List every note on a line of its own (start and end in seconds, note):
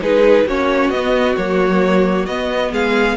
0.00 0.45 G#3
0.00 0.46 D#4
0.00 0.47 G#4
0.00 0.48 B4
0.45 0.89 A#3
0.45 0.93 C#4
0.45 2.71 F#4
0.45 0.90 C#5
0.89 1.34 B3
0.89 1.37 B3
0.89 1.35 D#5
1.36 2.26 F#3
1.36 2.27 A#3
1.36 2.26 C#5
2.26 2.71 B3
2.26 3.17 B3
2.26 2.71 D#5
2.71 3.17 G#3
2.71 3.17 G#4
2.71 3.17 F5